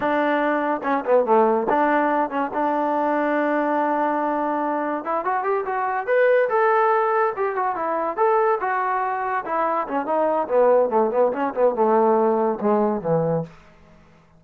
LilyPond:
\new Staff \with { instrumentName = "trombone" } { \time 4/4 \tempo 4 = 143 d'2 cis'8 b8 a4 | d'4. cis'8 d'2~ | d'1 | e'8 fis'8 g'8 fis'4 b'4 a'8~ |
a'4. g'8 fis'8 e'4 a'8~ | a'8 fis'2 e'4 cis'8 | dis'4 b4 a8 b8 cis'8 b8 | a2 gis4 e4 | }